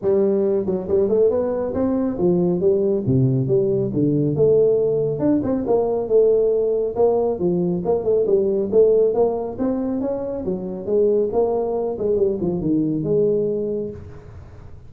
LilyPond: \new Staff \with { instrumentName = "tuba" } { \time 4/4 \tempo 4 = 138 g4. fis8 g8 a8 b4 | c'4 f4 g4 c4 | g4 d4 a2 | d'8 c'8 ais4 a2 |
ais4 f4 ais8 a8 g4 | a4 ais4 c'4 cis'4 | fis4 gis4 ais4. gis8 | g8 f8 dis4 gis2 | }